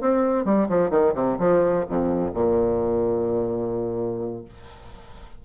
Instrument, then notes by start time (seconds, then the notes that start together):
bassoon
0.00 C4
0.45 G3
0.69 F3
0.90 D#3
1.14 C3
1.38 F3
1.89 F2
2.33 A#2